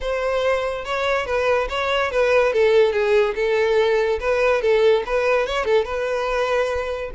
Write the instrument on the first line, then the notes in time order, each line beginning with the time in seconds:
violin
0.01 C5
0.84 C#5
1.26 B4
1.69 C#5
2.11 B4
2.52 A4
2.92 G#4
3.35 A4
4.20 B4
4.61 A4
5.06 B4
5.46 C#5
5.65 A4
5.84 B4